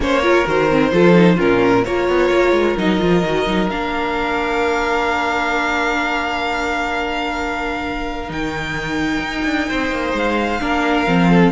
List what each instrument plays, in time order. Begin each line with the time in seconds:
0.00 cello A#3, viola C#4, violin C5 C#5
0.22 viola F4, violin A#4
0.46 cello D#3, viola F#4, violin C5
0.70 viola C4
0.91 cello F3, viola F4, violin A4
1.14 viola D#4
1.35 cello A#2, viola C#4, violin F4 A#4
1.84 cello A#3, viola F4, violin A#4 C#5
2.07 cello B3
2.30 cello A#3
2.52 cello G#3
2.77 cello F#3, viola D#4, violin D#5
2.98 cello F3, viola F4
3.23 cello D#3, viola F#4
3.46 cello F#3, viola D#4
3.70 cello A#3, viola D4, violin F5
8.27 cello D#3, viola D#4, violin G5
9.19 cello D#4
9.45 cello D4
9.68 cello C4, violin C5
9.90 cello A#3
10.13 cello G#3, violin F5
10.60 cello A#3, viola D4, violin A#4
11.06 cello F3, viola C4
11.30 violin A4